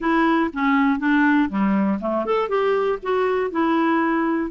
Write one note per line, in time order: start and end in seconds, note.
0.00 0.50 E4
0.53 0.99 C#4
0.99 1.49 D4
1.49 1.99 G3
2.00 2.25 A3
2.25 2.48 A4
2.48 2.98 G4
3.02 3.50 F#4
3.50 4.50 E4